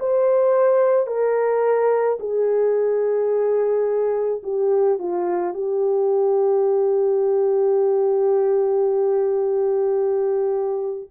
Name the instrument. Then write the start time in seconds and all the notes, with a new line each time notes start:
horn
0.00 C5
1.07 A#4
2.20 G#4
4.43 G4
4.99 F4
5.54 G4